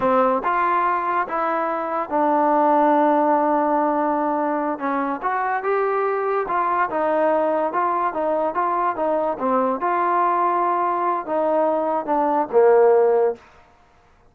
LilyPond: \new Staff \with { instrumentName = "trombone" } { \time 4/4 \tempo 4 = 144 c'4 f'2 e'4~ | e'4 d'2.~ | d'2.~ d'8 cis'8~ | cis'8 fis'4 g'2 f'8~ |
f'8 dis'2 f'4 dis'8~ | dis'8 f'4 dis'4 c'4 f'8~ | f'2. dis'4~ | dis'4 d'4 ais2 | }